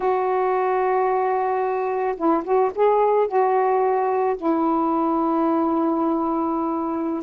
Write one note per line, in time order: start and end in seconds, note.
0.00 2.15 F#4
2.16 2.43 E4
2.43 2.71 F#4
2.75 3.27 G#4
3.27 4.36 F#4
4.36 7.22 E4